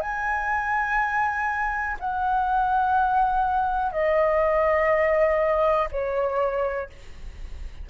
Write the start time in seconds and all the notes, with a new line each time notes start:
0.00 G#5
1.99 F#5
3.92 D#5
5.91 C#5